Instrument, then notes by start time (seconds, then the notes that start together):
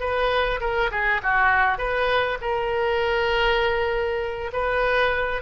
oboe
0.00 B4
0.60 A#4
0.91 G#4
1.23 F#4
1.78 B4
2.41 A#4
4.53 B4